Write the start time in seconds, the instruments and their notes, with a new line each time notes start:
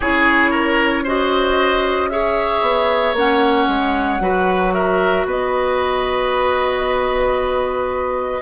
0.00 bassoon C#4, clarinet E4, oboe G#4, flute C#5
0.50 oboe A#4
1.03 clarinet F#4, oboe C5, flute D#5
2.10 clarinet G#4, oboe C#5, flute E5
2.61 bassoon B3
3.13 bassoon A#3, clarinet C#4, flute F#5
3.68 bassoon G#3
4.20 bassoon F#3, clarinet F#4, oboe B4
4.73 oboe A#4, flute E5
5.25 bassoon B3, oboe B4, flute D#5